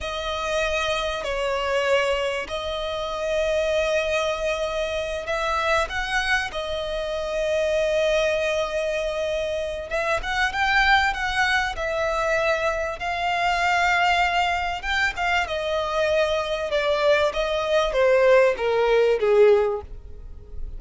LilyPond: \new Staff \with { instrumentName = "violin" } { \time 4/4 \tempo 4 = 97 dis''2 cis''2 | dis''1~ | dis''8 e''4 fis''4 dis''4.~ | dis''1 |
e''8 fis''8 g''4 fis''4 e''4~ | e''4 f''2. | g''8 f''8 dis''2 d''4 | dis''4 c''4 ais'4 gis'4 | }